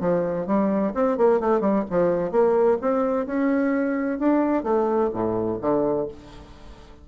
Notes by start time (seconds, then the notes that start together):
0.00 F3
0.46 G3
0.94 C4
1.18 A#3
1.40 A3
1.60 G3
1.90 F3
2.31 A#3
2.81 C4
3.26 C#4
4.19 D4
4.63 A3
5.13 A2
5.61 D3